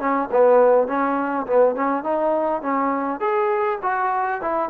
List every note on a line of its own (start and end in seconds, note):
0.00 0.29 C#4
0.32 0.87 B3
0.87 1.46 C#4
1.47 1.76 B3
1.76 2.03 C#4
2.03 2.62 D#4
2.62 3.21 C#4
3.21 3.79 G#4
3.83 4.41 F#4
4.42 4.70 E4